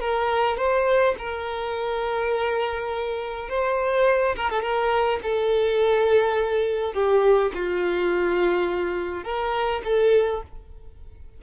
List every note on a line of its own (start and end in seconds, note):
0.00 0.57 A#4
0.57 1.15 C5
1.18 3.49 A#4
3.49 4.35 C5
4.36 4.50 A#4
4.50 4.62 A4
4.62 5.19 A#4
5.23 6.94 A4
6.94 7.51 G4
7.54 9.24 F4
9.24 9.81 A#4
9.84 10.42 A4